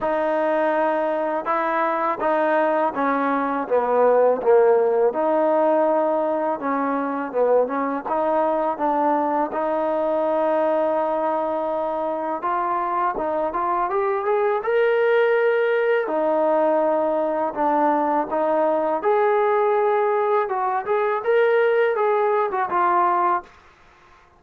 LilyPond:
\new Staff \with { instrumentName = "trombone" } { \time 4/4 \tempo 4 = 82 dis'2 e'4 dis'4 | cis'4 b4 ais4 dis'4~ | dis'4 cis'4 b8 cis'8 dis'4 | d'4 dis'2.~ |
dis'4 f'4 dis'8 f'8 g'8 gis'8 | ais'2 dis'2 | d'4 dis'4 gis'2 | fis'8 gis'8 ais'4 gis'8. fis'16 f'4 | }